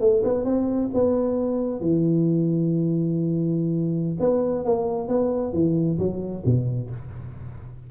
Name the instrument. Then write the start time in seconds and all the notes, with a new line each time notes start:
tuba
0.00 A3
0.24 B3
0.44 C4
0.94 B3
1.80 E3
4.20 B3
4.65 A#3
5.08 B3
5.53 E3
5.99 F#3
6.45 B2